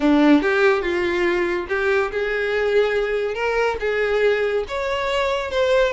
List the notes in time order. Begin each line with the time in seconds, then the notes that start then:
0.00 D4
0.42 G4
0.81 F4
1.69 G4
2.11 G#4
3.34 A#4
3.80 G#4
4.68 C#5
5.50 C5